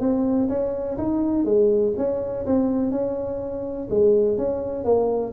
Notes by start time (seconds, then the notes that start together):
0.00 C4
0.49 C#4
0.98 D#4
1.45 G#3
1.97 C#4
2.46 C4
2.91 C#4
3.90 G#3
4.38 C#4
4.85 A#3